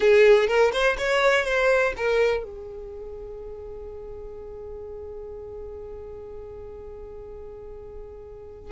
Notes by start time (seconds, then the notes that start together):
0.00 G#4
0.47 A#4
0.72 C5
0.98 C#5
1.44 C5
1.96 A#4
2.43 G#4